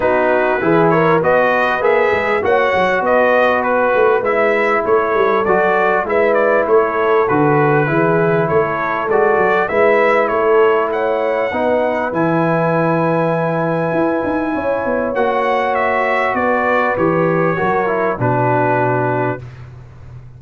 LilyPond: <<
  \new Staff \with { instrumentName = "trumpet" } { \time 4/4 \tempo 4 = 99 b'4. cis''8 dis''4 e''4 | fis''4 dis''4 b'4 e''4 | cis''4 d''4 e''8 d''8 cis''4 | b'2 cis''4 d''4 |
e''4 cis''4 fis''2 | gis''1~ | gis''4 fis''4 e''4 d''4 | cis''2 b'2 | }
  \new Staff \with { instrumentName = "horn" } { \time 4/4 fis'4 gis'8 ais'8 b'2 | cis''4 b'2. | a'2 b'4 a'4~ | a'4 gis'4 a'2 |
b'4 a'4 cis''4 b'4~ | b'1 | cis''2. b'4~ | b'4 ais'4 fis'2 | }
  \new Staff \with { instrumentName = "trombone" } { \time 4/4 dis'4 e'4 fis'4 gis'4 | fis'2. e'4~ | e'4 fis'4 e'2 | fis'4 e'2 fis'4 |
e'2. dis'4 | e'1~ | e'4 fis'2. | g'4 fis'8 e'8 d'2 | }
  \new Staff \with { instrumentName = "tuba" } { \time 4/4 b4 e4 b4 ais8 gis8 | ais8 fis8 b4. a8 gis4 | a8 g8 fis4 gis4 a4 | d4 e4 a4 gis8 fis8 |
gis4 a2 b4 | e2. e'8 dis'8 | cis'8 b8 ais2 b4 | e4 fis4 b,2 | }
>>